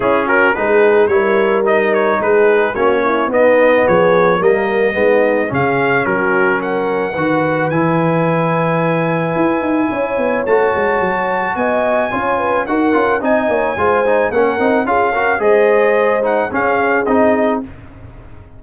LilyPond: <<
  \new Staff \with { instrumentName = "trumpet" } { \time 4/4 \tempo 4 = 109 gis'8 ais'8 b'4 cis''4 dis''8 cis''8 | b'4 cis''4 dis''4 cis''4 | dis''2 f''4 ais'4 | fis''2 gis''2~ |
gis''2. a''4~ | a''4 gis''2 fis''4 | gis''2 fis''4 f''4 | dis''4. fis''8 f''4 dis''4 | }
  \new Staff \with { instrumentName = "horn" } { \time 4/4 e'8 fis'8 gis'4 ais'2 | gis'4 fis'8 e'8 dis'4 gis'4 | ais'4 dis'4 gis'4 fis'4 | ais'4 b'2.~ |
b'2 cis''2~ | cis''4 dis''4 cis''8 b'8 ais'4 | dis''8 cis''8 c''4 ais'4 gis'8 ais'8 | c''2 gis'2 | }
  \new Staff \with { instrumentName = "trombone" } { \time 4/4 cis'4 dis'4 e'4 dis'4~ | dis'4 cis'4 b2 | ais4 b4 cis'2~ | cis'4 fis'4 e'2~ |
e'2. fis'4~ | fis'2 f'4 fis'8 f'8 | dis'4 f'8 dis'8 cis'8 dis'8 f'8 fis'8 | gis'4. dis'8 cis'4 dis'4 | }
  \new Staff \with { instrumentName = "tuba" } { \time 4/4 cis'4 gis4 g2 | gis4 ais4 b4 f4 | g4 gis4 cis4 fis4~ | fis4 dis4 e2~ |
e4 e'8 dis'8 cis'8 b8 a8 gis8 | fis4 b4 cis'4 dis'8 cis'8 | c'8 ais8 gis4 ais8 c'8 cis'4 | gis2 cis'4 c'4 | }
>>